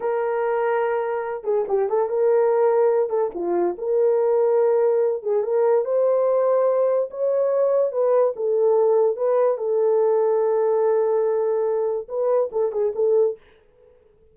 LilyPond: \new Staff \with { instrumentName = "horn" } { \time 4/4 \tempo 4 = 144 ais'2.~ ais'8 gis'8 | g'8 a'8 ais'2~ ais'8 a'8 | f'4 ais'2.~ | ais'8 gis'8 ais'4 c''2~ |
c''4 cis''2 b'4 | a'2 b'4 a'4~ | a'1~ | a'4 b'4 a'8 gis'8 a'4 | }